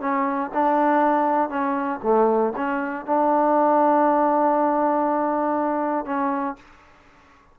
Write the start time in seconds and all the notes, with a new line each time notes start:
0.00 C#4
0.54 D4
1.49 C#4
2.03 A3
2.56 C#4
3.06 D4
6.05 C#4